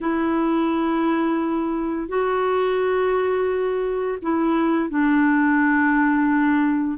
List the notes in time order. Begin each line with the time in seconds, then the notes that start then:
0.00 E4
2.08 F#4
4.22 E4
4.89 D4